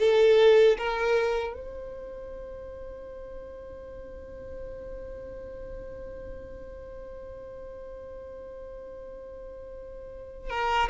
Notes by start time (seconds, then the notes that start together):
0.00 A4
0.78 A#4
1.54 C5
10.50 A#4